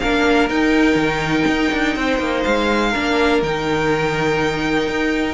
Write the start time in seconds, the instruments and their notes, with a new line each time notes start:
0.00 cello A#3, viola D4, violin A#4 F5
0.50 cello D#4, viola D#4, violin G5
0.96 cello D#3
1.47 cello D#4
1.73 cello D4
1.96 cello C4, violin C5
2.20 cello A#3
2.44 cello G#3, violin F5
2.90 cello A#3, viola D4, violin A#4
3.42 cello D#3, viola D#4, violin G5
4.87 cello D#4